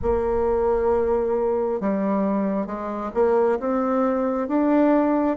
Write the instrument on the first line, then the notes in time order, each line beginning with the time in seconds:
bassoon
0.02 A#3
1.80 G3
2.66 G#3
3.13 A#3
3.59 C4
4.48 D4